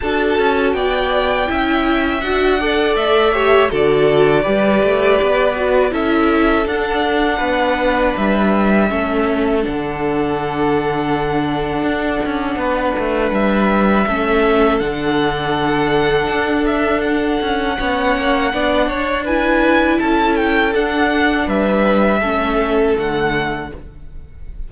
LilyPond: <<
  \new Staff \with { instrumentName = "violin" } { \time 4/4 \tempo 4 = 81 a''4 g''2 fis''4 | e''4 d''2. | e''4 fis''2 e''4~ | e''4 fis''2.~ |
fis''2 e''2 | fis''2~ fis''8 e''8 fis''4~ | fis''2 gis''4 a''8 g''8 | fis''4 e''2 fis''4 | }
  \new Staff \with { instrumentName = "violin" } { \time 4/4 a'4 d''4 e''4. d''8~ | d''8 cis''8 a'4 b'2 | a'2 b'2 | a'1~ |
a'4 b'2 a'4~ | a'1 | cis''4 d''8 cis''8 b'4 a'4~ | a'4 b'4 a'2 | }
  \new Staff \with { instrumentName = "viola" } { \time 4/4 fis'2 e'4 fis'8 a'8~ | a'8 g'8 fis'4 g'4. fis'8 | e'4 d'2. | cis'4 d'2.~ |
d'2. cis'4 | d'1 | cis'4 d'4 e'2 | d'2 cis'4 a4 | }
  \new Staff \with { instrumentName = "cello" } { \time 4/4 d'8 cis'8 b4 cis'4 d'4 | a4 d4 g8 a8 b4 | cis'4 d'4 b4 g4 | a4 d2. |
d'8 cis'8 b8 a8 g4 a4 | d2 d'4. cis'8 | b8 ais8 b8 d'4. cis'4 | d'4 g4 a4 d4 | }
>>